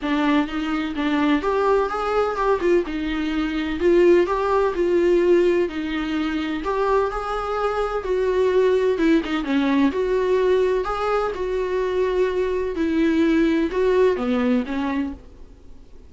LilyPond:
\new Staff \with { instrumentName = "viola" } { \time 4/4 \tempo 4 = 127 d'4 dis'4 d'4 g'4 | gis'4 g'8 f'8 dis'2 | f'4 g'4 f'2 | dis'2 g'4 gis'4~ |
gis'4 fis'2 e'8 dis'8 | cis'4 fis'2 gis'4 | fis'2. e'4~ | e'4 fis'4 b4 cis'4 | }